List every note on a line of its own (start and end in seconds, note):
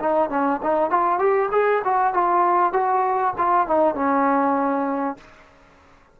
0.00 0.29 D#4
0.29 0.60 C#4
0.63 0.90 D#4
0.90 1.18 F4
1.18 1.49 G4
1.51 1.82 G#4
1.84 2.13 F#4
2.13 2.72 F4
2.72 3.34 F#4
3.37 3.67 F4
3.67 3.95 D#4
3.95 5.17 C#4